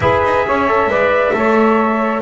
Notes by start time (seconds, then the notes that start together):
0.00 E4 G#4 B4 E5
0.23 D#4
0.46 C#4 C#5
0.67 A4
0.86 G#3 B4 D5
1.33 A3 A4 C#5